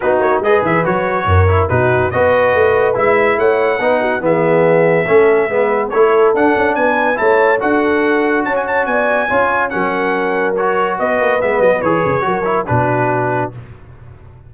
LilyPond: <<
  \new Staff \with { instrumentName = "trumpet" } { \time 4/4 \tempo 4 = 142 b'8 cis''8 dis''8 e''8 cis''2 | b'4 dis''2 e''4 | fis''2 e''2~ | e''2 cis''4 fis''4 |
gis''4 a''4 fis''2 | a''16 gis''16 a''8 gis''2 fis''4~ | fis''4 cis''4 dis''4 e''8 dis''8 | cis''2 b'2 | }
  \new Staff \with { instrumentName = "horn" } { \time 4/4 fis'4 b'2 ais'4 | fis'4 b'2. | cis''4 b'8 fis'8 gis'2 | a'4 b'4 a'2 |
b'4 cis''4 a'2 | cis''4 d''4 cis''4 ais'4~ | ais'2 b'2~ | b'4 ais'4 fis'2 | }
  \new Staff \with { instrumentName = "trombone" } { \time 4/4 dis'4 gis'4 fis'4. e'8 | dis'4 fis'2 e'4~ | e'4 dis'4 b2 | cis'4 b4 e'4 d'4~ |
d'4 e'4 fis'2~ | fis'2 f'4 cis'4~ | cis'4 fis'2 b4 | gis'4 fis'8 e'8 d'2 | }
  \new Staff \with { instrumentName = "tuba" } { \time 4/4 b8 ais8 gis8 e8 fis4 fis,4 | b,4 b4 a4 gis4 | a4 b4 e2 | a4 gis4 a4 d'8 cis'8 |
b4 a4 d'2 | cis'4 b4 cis'4 fis4~ | fis2 b8 ais8 gis8 fis8 | e8 cis8 fis4 b,2 | }
>>